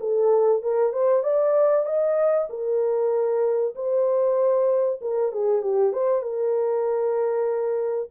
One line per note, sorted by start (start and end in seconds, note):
0.00 0.62 A4
0.62 0.93 A#4
0.93 1.23 C5
1.23 1.85 D5
1.85 2.48 D#5
2.49 3.74 A#4
3.75 5.00 C5
5.01 5.32 A#4
5.32 5.62 G#4
5.62 5.93 G4
5.93 6.22 C5
6.22 8.09 A#4